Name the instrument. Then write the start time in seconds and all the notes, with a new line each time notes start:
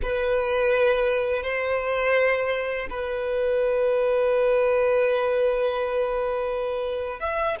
violin
0.02 B4
1.43 C5
2.89 B4
7.19 E5